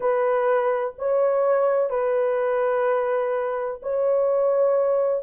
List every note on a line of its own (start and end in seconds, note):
0.00 0.94 B4
0.98 1.90 C#5
1.90 3.80 B4
3.82 5.23 C#5